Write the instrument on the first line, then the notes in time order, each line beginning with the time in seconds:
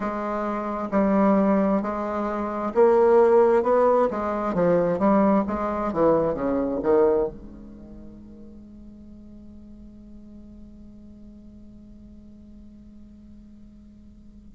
bassoon
0.00 G#3
0.91 G3
1.82 G#3
2.74 A#3
3.62 B3
4.10 G#3
4.54 F3
4.98 G3
5.47 G#3
5.92 E3
6.34 C#3
6.82 D#3
7.27 G#3